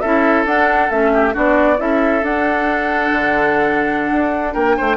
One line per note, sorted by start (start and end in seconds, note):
0.00 0.45 C#4
0.00 0.46 E4
0.00 1.12 A4
0.00 0.44 E5
0.45 0.89 D4
0.45 0.90 D4
0.45 0.90 F#5
0.90 1.35 A3
0.90 1.33 C#4
0.90 1.35 E5
1.13 1.34 G4
1.33 1.80 B3
1.33 1.77 D4
1.33 1.78 F#4
1.33 1.81 D5
1.78 2.23 C#4
1.78 2.22 E4
1.78 4.54 A4
1.78 2.24 E5
2.23 3.11 D4
2.23 4.97 D4
2.23 4.54 F#5
3.12 4.11 D3
4.11 4.55 D4
4.54 4.77 A#3
4.54 4.76 A#4
4.54 4.97 G5
4.77 4.97 A3
4.77 4.97 C5